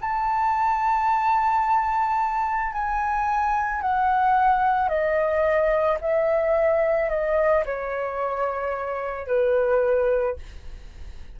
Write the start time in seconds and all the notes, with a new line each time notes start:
0.00 A5
2.72 G#5
3.81 F#5
4.88 D#5
6.00 E5
7.09 D#5
7.65 C#5
9.27 B4